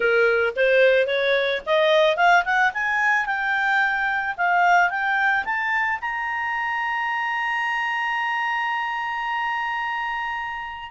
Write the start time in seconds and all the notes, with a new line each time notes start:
0.00 A#4
0.56 C5
1.07 C#5
1.66 D#5
2.16 F5
2.44 F#5
2.73 G#5
3.26 G5
4.37 F5
4.90 G5
5.44 A5
6.01 A#5